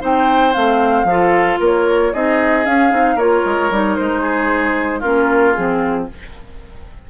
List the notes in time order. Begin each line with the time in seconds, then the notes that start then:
0.00 C4 D#4 C5 G5
0.53 A3 C4 F5
1.04 F3 F4 A4
1.59 A#3 A#4 C#5
2.13 C4 D#4 G#4 D#5
2.65 C#4 F5
2.90 C4 D#4
3.15 A#3 F4 A#4 C#5
3.45 G#3
3.71 G3 D#4
3.96 G#3 C5
4.22 G#4
4.99 A#3 C#4 F4 A#4
5.53 F3 C4 G#4